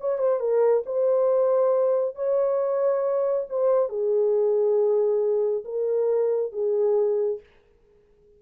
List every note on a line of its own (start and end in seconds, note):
0.00 0.18 C#5
0.18 0.39 C5
0.39 0.83 A#4
0.85 2.15 C5
2.15 3.46 C#5
3.49 3.89 C5
3.89 5.64 G#4
5.64 6.52 A#4
6.52 7.40 G#4